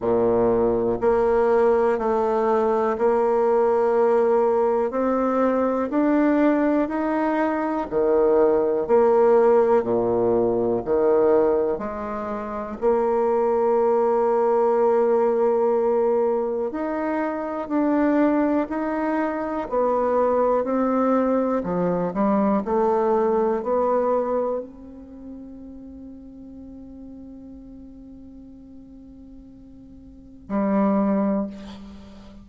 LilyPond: \new Staff \with { instrumentName = "bassoon" } { \time 4/4 \tempo 4 = 61 ais,4 ais4 a4 ais4~ | ais4 c'4 d'4 dis'4 | dis4 ais4 ais,4 dis4 | gis4 ais2.~ |
ais4 dis'4 d'4 dis'4 | b4 c'4 f8 g8 a4 | b4 c'2.~ | c'2. g4 | }